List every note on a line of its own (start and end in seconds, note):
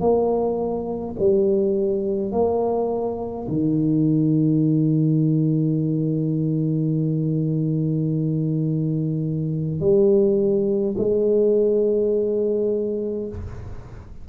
0.00 1.15 A#3
1.19 2.31 G3
2.31 3.47 A#3
3.48 9.80 D#3
9.80 10.95 G3
10.97 13.28 G#3